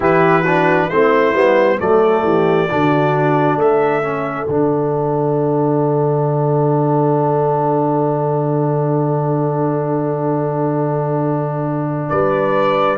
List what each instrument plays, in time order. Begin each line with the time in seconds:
0.00 tuba E3, trombone E4, horn G4, trumpet B4
0.42 trombone D4, horn F#4
0.88 tuba A3, trombone C4, horn E4, trumpet C5
1.33 tuba G3, trombone B3
1.79 tuba F#3, trombone A3, horn A4, trumpet D5
2.23 tuba E3, horn G4
2.70 tuba D3, trombone D4, horn F#4
3.55 tuba A3, trumpet E5
3.62 horn A4
4.02 trombone C#4
4.47 tuba D3, trombone D4, trumpet F#5
12.08 tuba G3, horn B4, trumpet D5